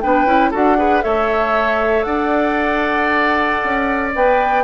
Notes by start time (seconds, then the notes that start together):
0.00 B3 D4 B4 G5
0.25 C#4 E4
0.51 D4 F#4 A4 F#5
0.77 G#4 B4
1.01 A3 A4 C#5 E5
2.03 D4 D5 F#5
3.64 C#4
4.15 B3 B4 G5